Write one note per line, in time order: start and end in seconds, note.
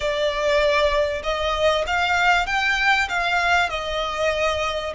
0.00 1.22 D5
1.23 1.84 D#5
1.87 2.46 F5
2.46 3.08 G5
3.08 3.69 F5
3.69 4.93 D#5